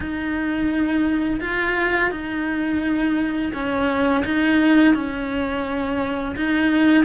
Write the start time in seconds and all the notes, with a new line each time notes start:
0.00 D#4
1.40 F4
2.10 D#4
3.53 C#4
4.24 D#4
4.94 C#4
6.36 D#4